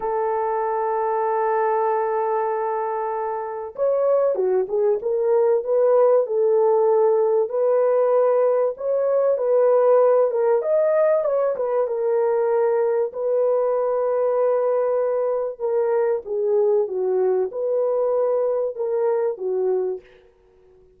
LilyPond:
\new Staff \with { instrumentName = "horn" } { \time 4/4 \tempo 4 = 96 a'1~ | a'2 cis''4 fis'8 gis'8 | ais'4 b'4 a'2 | b'2 cis''4 b'4~ |
b'8 ais'8 dis''4 cis''8 b'8 ais'4~ | ais'4 b'2.~ | b'4 ais'4 gis'4 fis'4 | b'2 ais'4 fis'4 | }